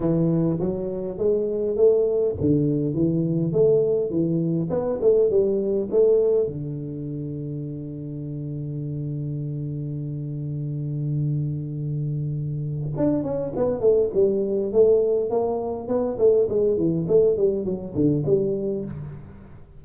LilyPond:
\new Staff \with { instrumentName = "tuba" } { \time 4/4 \tempo 4 = 102 e4 fis4 gis4 a4 | d4 e4 a4 e4 | b8 a8 g4 a4 d4~ | d1~ |
d1~ | d2 d'8 cis'8 b8 a8 | g4 a4 ais4 b8 a8 | gis8 e8 a8 g8 fis8 d8 g4 | }